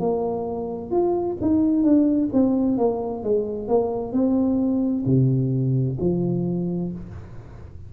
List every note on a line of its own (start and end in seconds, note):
0.00 0.91 A#3
0.91 1.37 F4
1.41 1.83 D#4
1.83 2.30 D4
2.33 2.77 C4
2.77 3.23 A#3
3.23 3.68 G#3
3.68 4.12 A#3
4.12 5.05 C4
5.06 5.98 C3
6.00 6.92 F3